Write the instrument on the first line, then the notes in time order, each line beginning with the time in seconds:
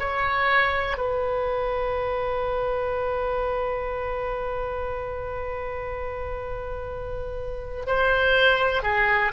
oboe
0.00 C#5
0.97 B4
7.86 C5
8.83 G#4